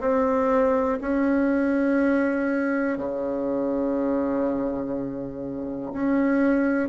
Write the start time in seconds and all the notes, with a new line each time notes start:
0.00 C4
1.01 C#4
2.97 C#3
5.93 C#4